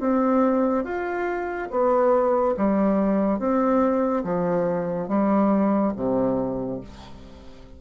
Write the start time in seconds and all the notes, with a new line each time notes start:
0.00 C4
0.85 F4
1.71 B3
2.57 G3
3.40 C4
4.24 F3
5.09 G3
5.97 C3